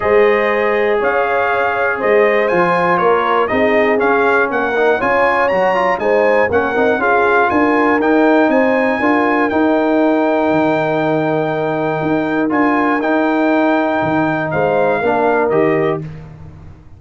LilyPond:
<<
  \new Staff \with { instrumentName = "trumpet" } { \time 4/4 \tempo 4 = 120 dis''2 f''2 | dis''4 gis''4 cis''4 dis''4 | f''4 fis''4 gis''4 ais''4 | gis''4 fis''4 f''4 gis''4 |
g''4 gis''2 g''4~ | g''1~ | g''4 gis''4 g''2~ | g''4 f''2 dis''4 | }
  \new Staff \with { instrumentName = "horn" } { \time 4/4 c''2 cis''2 | c''2 ais'4 gis'4~ | gis'4 ais'4 cis''2 | c''4 ais'4 gis'4 ais'4~ |
ais'4 c''4 ais'2~ | ais'1~ | ais'1~ | ais'4 c''4 ais'2 | }
  \new Staff \with { instrumentName = "trombone" } { \time 4/4 gis'1~ | gis'4 f'2 dis'4 | cis'4. dis'8 f'4 fis'8 f'8 | dis'4 cis'8 dis'8 f'2 |
dis'2 f'4 dis'4~ | dis'1~ | dis'4 f'4 dis'2~ | dis'2 d'4 g'4 | }
  \new Staff \with { instrumentName = "tuba" } { \time 4/4 gis2 cis'2 | gis4 f4 ais4 c'4 | cis'4 ais4 cis'4 fis4 | gis4 ais8 c'8 cis'4 d'4 |
dis'4 c'4 d'4 dis'4~ | dis'4 dis2. | dis'4 d'4 dis'2 | dis4 gis4 ais4 dis4 | }
>>